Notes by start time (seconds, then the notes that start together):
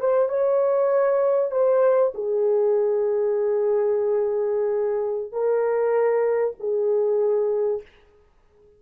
0.00 C5
0.29 C#5
1.51 C5
2.14 G#4
5.32 A#4
6.60 G#4